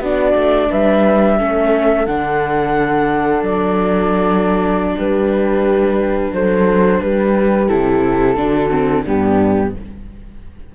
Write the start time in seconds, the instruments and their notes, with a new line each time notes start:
0.00 cello B3, viola D4, horn F#4, flute D5
0.35 cello A3
0.69 cello G3, horn B4, flute E5
1.38 cello A3, viola C#4, horn A4
2.06 cello D3, viola D4, flute F#5
3.42 cello F#3, flute D5
4.97 cello G3, horn G4, flute B4
6.32 cello F#3, horn A4, flute C5
7.01 cello G3, horn G4, flute B4
7.68 cello C3, viola E4, flute A4
8.37 cello D3, viola D4, horn F#4
8.70 viola C4
9.04 cello G2, viola B3, horn D4, flute G4